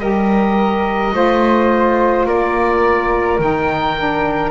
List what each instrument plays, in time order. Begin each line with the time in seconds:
0.00 double bass G3, saxophone G4, flute A#4, oboe D#5
1.13 double bass A3, saxophone F4, flute C5
2.26 double bass A#3, flute A#4, oboe D5
3.39 double bass D#3, saxophone D#4, oboe G5
3.98 saxophone D4